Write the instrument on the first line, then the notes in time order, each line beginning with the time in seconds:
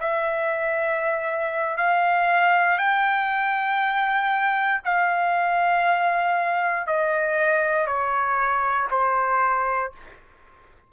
trumpet
0.00 E5
1.77 F5
2.78 G5
4.84 F5
6.87 D#5
7.87 C#5
8.91 C5